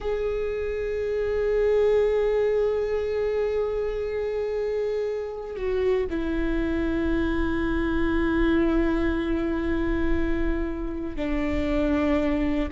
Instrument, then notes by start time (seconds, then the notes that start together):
viola
0.00 G#4
5.56 F#4
6.10 E4
11.16 D4